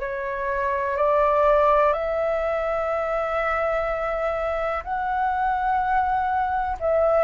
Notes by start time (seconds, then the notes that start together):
0.00 C#5
0.97 D5
1.94 E5
4.84 F#5
6.80 E5